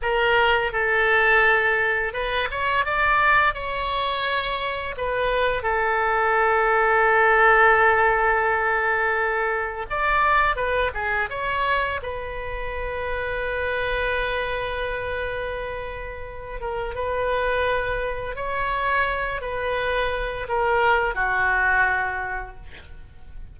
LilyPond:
\new Staff \with { instrumentName = "oboe" } { \time 4/4 \tempo 4 = 85 ais'4 a'2 b'8 cis''8 | d''4 cis''2 b'4 | a'1~ | a'2 d''4 b'8 gis'8 |
cis''4 b'2.~ | b'2.~ b'8 ais'8 | b'2 cis''4. b'8~ | b'4 ais'4 fis'2 | }